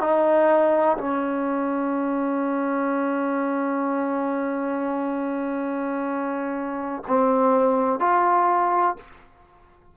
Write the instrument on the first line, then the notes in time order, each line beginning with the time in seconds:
trombone
0.00 D#4
0.97 C#4
7.07 C4
8.00 F4